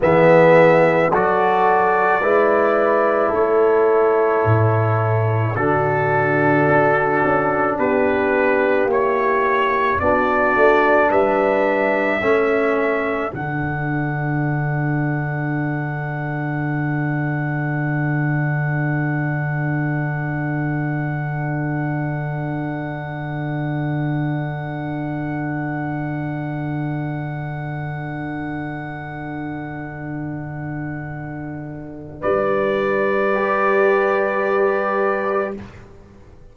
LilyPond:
<<
  \new Staff \with { instrumentName = "trumpet" } { \time 4/4 \tempo 4 = 54 e''4 d''2 cis''4~ | cis''4 a'2 b'4 | cis''4 d''4 e''2 | fis''1~ |
fis''1~ | fis''1~ | fis''1~ | fis''4 d''2. | }
  \new Staff \with { instrumentName = "horn" } { \time 4/4 gis'4 a'4 b'4 a'4~ | a'4 fis'2 g'4~ | g'4 fis'4 b'4 a'4~ | a'1~ |
a'1~ | a'1~ | a'1~ | a'4 b'2. | }
  \new Staff \with { instrumentName = "trombone" } { \time 4/4 b4 fis'4 e'2~ | e'4 d'2. | e'4 d'2 cis'4 | d'1~ |
d'1~ | d'1~ | d'1~ | d'2 g'2 | }
  \new Staff \with { instrumentName = "tuba" } { \time 4/4 e4 fis4 gis4 a4 | a,4 d4 d'8 cis'8 b4 | ais4 b8 a8 g4 a4 | d1~ |
d1~ | d1~ | d1~ | d4 g2. | }
>>